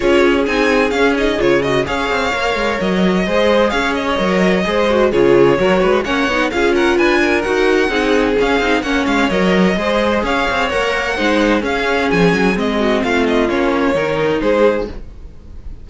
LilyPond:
<<
  \new Staff \with { instrumentName = "violin" } { \time 4/4 \tempo 4 = 129 cis''4 gis''4 f''8 dis''8 cis''8 dis''8 | f''2 dis''2 | f''8 dis''2~ dis''8 cis''4~ | cis''4 fis''4 f''8 fis''8 gis''4 |
fis''2 f''4 fis''8 f''8 | dis''2 f''4 fis''4~ | fis''4 f''4 gis''4 dis''4 | f''8 dis''8 cis''2 c''4 | }
  \new Staff \with { instrumentName = "violin" } { \time 4/4 gis'1 | cis''2. c''4 | cis''2 c''4 gis'4 | ais'8 b'8 cis''4 gis'8 ais'8 b'8 ais'8~ |
ais'4 gis'2 cis''4~ | cis''4 c''4 cis''2 | c''4 gis'2~ gis'8 fis'8 | f'2 ais'4 gis'4 | }
  \new Staff \with { instrumentName = "viola" } { \time 4/4 f'4 dis'4 cis'8 dis'8 f'8 fis'8 | gis'4 ais'2 gis'4~ | gis'4 ais'4 gis'8 fis'8 f'4 | fis'4 cis'8 dis'8 f'2 |
fis'4 dis'4 cis'8 dis'8 cis'4 | ais'4 gis'2 ais'4 | dis'4 cis'2 c'4~ | c'4 cis'4 dis'2 | }
  \new Staff \with { instrumentName = "cello" } { \time 4/4 cis'4 c'4 cis'4 cis4 | cis'8 c'8 ais8 gis8 fis4 gis4 | cis'4 fis4 gis4 cis4 | fis8 gis8 ais8 b8 cis'4 d'4 |
dis'4 c'4 cis'8 c'8 ais8 gis8 | fis4 gis4 cis'8 c'8 ais4 | gis4 cis'4 f8 fis8 gis4 | a4 ais4 dis4 gis4 | }
>>